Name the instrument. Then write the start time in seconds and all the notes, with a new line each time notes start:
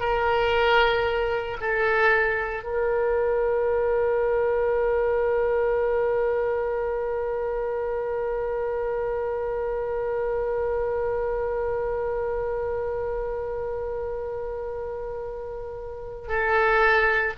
oboe
0.00 A#4
1.61 A4
2.64 A#4
16.28 A4